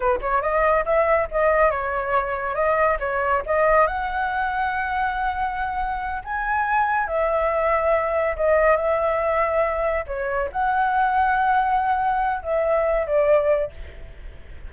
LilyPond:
\new Staff \with { instrumentName = "flute" } { \time 4/4 \tempo 4 = 140 b'8 cis''8 dis''4 e''4 dis''4 | cis''2 dis''4 cis''4 | dis''4 fis''2.~ | fis''2~ fis''8 gis''4.~ |
gis''8 e''2. dis''8~ | dis''8 e''2. cis''8~ | cis''8 fis''2.~ fis''8~ | fis''4 e''4. d''4. | }